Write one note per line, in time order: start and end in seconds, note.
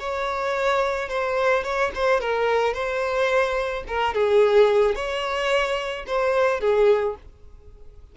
0.00 1.09 C#5
1.09 1.64 C5
1.64 1.92 C#5
1.95 2.21 C5
2.21 2.74 A#4
2.74 3.84 C5
3.88 4.15 A#4
4.15 4.96 G#4
4.96 6.06 C#5
6.07 6.61 C5
6.61 7.16 G#4